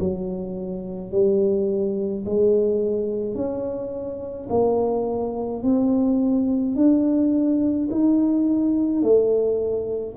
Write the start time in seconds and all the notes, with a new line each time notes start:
0.00 F#3
1.11 G3
2.25 G#3
3.34 C#4
4.50 A#3
5.63 C4
6.76 D4
7.91 D#4
9.03 A3